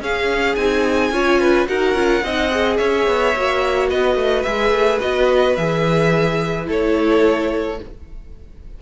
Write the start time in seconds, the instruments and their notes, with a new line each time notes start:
0.00 cello C#4, viola C#4, violin G#4 F5
0.55 cello C4, viola D#4, violin G#5
1.11 cello C#4, viola F4, violin C#5
1.40 violin B4
1.67 cello D#4, viola F#4, violin A#4 F#5
1.93 cello C#4, viola F4
2.23 cello C4, viola D#4, violin D#5
2.50 viola G#4
2.77 cello C#4, violin C#5 E5
3.06 cello B3
3.35 cello A#3, viola F#4
3.89 cello B3, violin B4 D#5
4.15 cello A3
4.42 cello G#3, viola G#4, violin E5
4.71 cello A3
5.00 cello B3, viola F#4, violin D#5
5.56 cello E3, viola G#4, violin E5
6.65 cello A3, viola E4, violin A4 C#5